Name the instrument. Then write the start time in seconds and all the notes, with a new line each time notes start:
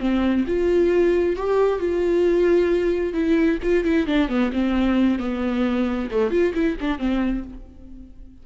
viola
0.00 C4
0.47 F4
1.37 G4
1.80 F4
3.14 E4
3.63 F4
3.84 E4
4.07 D4
4.29 B3
4.53 C4
5.20 B3
6.11 A3
6.31 F4
6.55 E4
6.81 D4
6.99 C4